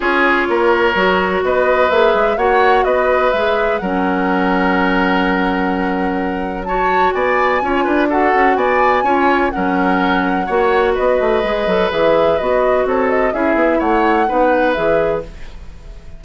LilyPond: <<
  \new Staff \with { instrumentName = "flute" } { \time 4/4 \tempo 4 = 126 cis''2. dis''4 | e''4 fis''4 dis''4 e''4 | fis''1~ | fis''2 a''4 gis''4~ |
gis''4 fis''4 gis''2 | fis''2. dis''4~ | dis''4 e''4 dis''4 cis''8 dis''8 | e''4 fis''2 e''4 | }
  \new Staff \with { instrumentName = "oboe" } { \time 4/4 gis'4 ais'2 b'4~ | b'4 cis''4 b'2 | ais'1~ | ais'2 cis''4 d''4 |
cis''8 b'8 a'4 d''4 cis''4 | ais'2 cis''4 b'4~ | b'2. a'4 | gis'4 cis''4 b'2 | }
  \new Staff \with { instrumentName = "clarinet" } { \time 4/4 f'2 fis'2 | gis'4 fis'2 gis'4 | cis'1~ | cis'2 fis'2 |
f'4 fis'2 f'4 | cis'2 fis'2 | gis'8 a'8 gis'4 fis'2 | e'2 dis'4 gis'4 | }
  \new Staff \with { instrumentName = "bassoon" } { \time 4/4 cis'4 ais4 fis4 b4 | ais8 gis8 ais4 b4 gis4 | fis1~ | fis2. b4 |
cis'8 d'4 cis'8 b4 cis'4 | fis2 ais4 b8 a8 | gis8 fis8 e4 b4 c'4 | cis'8 b8 a4 b4 e4 | }
>>